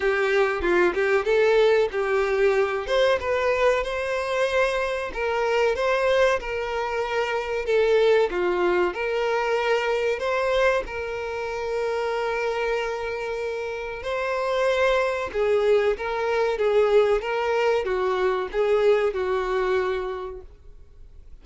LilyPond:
\new Staff \with { instrumentName = "violin" } { \time 4/4 \tempo 4 = 94 g'4 f'8 g'8 a'4 g'4~ | g'8 c''8 b'4 c''2 | ais'4 c''4 ais'2 | a'4 f'4 ais'2 |
c''4 ais'2.~ | ais'2 c''2 | gis'4 ais'4 gis'4 ais'4 | fis'4 gis'4 fis'2 | }